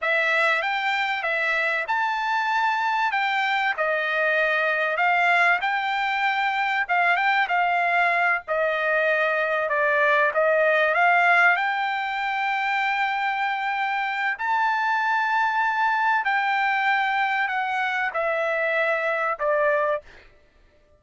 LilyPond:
\new Staff \with { instrumentName = "trumpet" } { \time 4/4 \tempo 4 = 96 e''4 g''4 e''4 a''4~ | a''4 g''4 dis''2 | f''4 g''2 f''8 g''8 | f''4. dis''2 d''8~ |
d''8 dis''4 f''4 g''4.~ | g''2. a''4~ | a''2 g''2 | fis''4 e''2 d''4 | }